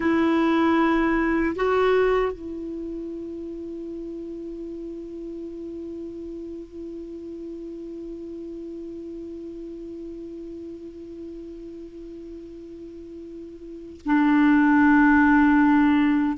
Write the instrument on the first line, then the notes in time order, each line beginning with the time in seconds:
clarinet
0.00 E4
1.55 F#4
2.32 E4
14.05 D4